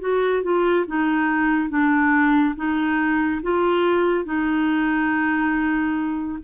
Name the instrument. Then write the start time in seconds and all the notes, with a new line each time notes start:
clarinet
0.00 F#4
0.43 F4
0.87 D#4
1.69 D4
2.56 D#4
3.42 F4
4.25 D#4